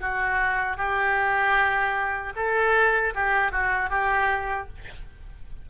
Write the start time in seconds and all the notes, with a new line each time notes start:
0.00 F#4
0.77 G4
2.36 A4
3.15 G4
3.52 F#4
3.89 G4